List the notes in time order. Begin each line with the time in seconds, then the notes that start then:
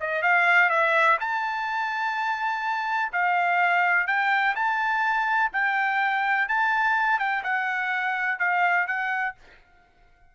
0.00 D#5
0.22 F5
0.69 E5
1.20 A5
3.12 F5
4.07 G5
4.55 A5
5.52 G5
6.48 A5
7.19 G5
7.43 F#5
8.39 F5
8.87 F#5